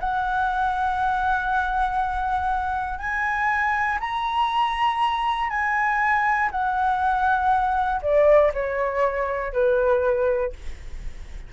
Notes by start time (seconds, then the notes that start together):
0.00 F#5
2.99 G#5
4.00 A#5
5.50 G#5
6.51 F#5
8.02 D5
8.54 C#5
9.53 B4